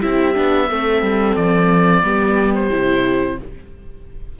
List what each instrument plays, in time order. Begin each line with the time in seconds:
0.00 cello C4, viola E4, horn G4, oboe E5
0.35 cello B3, viola D4
0.69 cello A3, viola C4, horn A4
1.03 cello G3
1.36 cello F3, oboe D5
2.03 cello G3, viola B3, horn G4
2.55 oboe C5
2.71 cello C3, viola E4